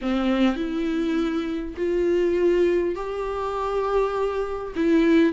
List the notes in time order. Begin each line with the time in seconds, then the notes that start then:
0.01 C4
0.56 E4
1.76 F4
2.95 G4
4.75 E4